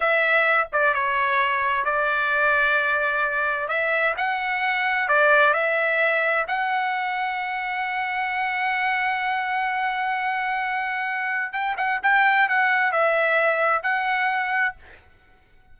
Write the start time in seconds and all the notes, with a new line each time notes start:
0.00 E5
0.72 D5
0.93 C#5
1.84 D5
3.68 E5
4.17 F#5
5.08 D5
5.53 E5
6.47 F#5
11.52 G5
11.77 F#5
12.02 G5
12.48 F#5
12.92 E5
13.83 F#5